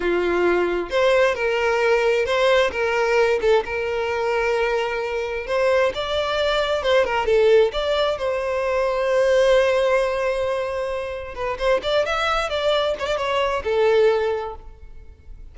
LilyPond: \new Staff \with { instrumentName = "violin" } { \time 4/4 \tempo 4 = 132 f'2 c''4 ais'4~ | ais'4 c''4 ais'4. a'8 | ais'1 | c''4 d''2 c''8 ais'8 |
a'4 d''4 c''2~ | c''1~ | c''4 b'8 c''8 d''8 e''4 d''8~ | d''8 cis''16 d''16 cis''4 a'2 | }